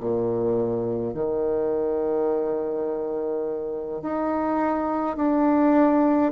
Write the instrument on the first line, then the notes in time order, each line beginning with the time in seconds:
bassoon
0.00 A#2
1.14 D#3
4.02 D#4
5.16 D4